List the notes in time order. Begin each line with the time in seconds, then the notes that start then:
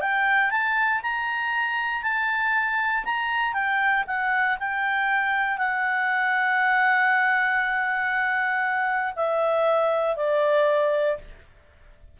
0.00 G5
0.50 A5
1.02 A#5
2.02 A5
3.04 A#5
3.53 G5
4.07 F#5
4.59 G5
5.57 F#5
9.15 E5
10.16 D5